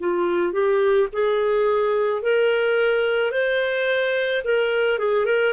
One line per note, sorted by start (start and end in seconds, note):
0.00 0.53 F4
0.53 1.08 G4
1.13 2.22 G#4
2.22 3.32 A#4
3.32 4.43 C5
4.44 4.98 A#4
4.98 5.25 G#4
5.25 5.53 A#4